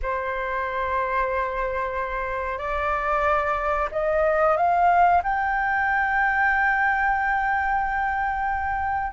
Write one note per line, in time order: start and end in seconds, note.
0.02 2.58 C5
2.58 3.88 D5
3.91 4.56 D#5
4.57 5.22 F5
5.23 9.12 G5